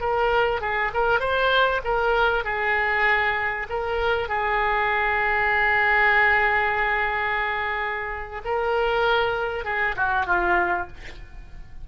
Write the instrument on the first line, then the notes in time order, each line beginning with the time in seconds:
oboe
0.00 A#4
0.61 G#4
0.94 A#4
1.20 C5
1.84 A#4
2.44 G#4
3.69 A#4
4.28 G#4
8.44 A#4
9.65 G#4
9.96 F#4
10.26 F4